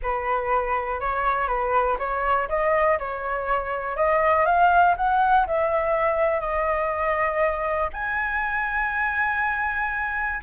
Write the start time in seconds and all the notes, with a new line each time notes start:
0.02 B4
1.00 C#5
1.47 B4
1.98 C#5
2.48 D#5
2.98 C#5
3.96 D#5
4.45 F5
4.96 F#5
5.47 E5
6.40 D#5
7.93 G#5